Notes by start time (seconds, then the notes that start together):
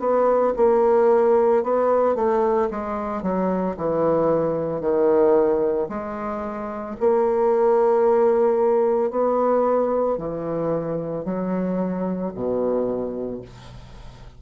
0.00 B3
0.57 A#3
1.64 B3
2.16 A3
2.71 G#3
3.23 F#3
3.77 E3
4.81 D#3
5.89 G#3
7.00 A#3
9.11 B3
10.18 E3
11.25 F#3
12.35 B2